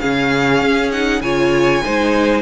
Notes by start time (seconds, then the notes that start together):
0.00 C#3 C#4 G#4 F5
0.61 C#4
0.92 D#4 F#5
1.21 C#3 F4 C#5 G#5
1.85 G#3 D#4 C5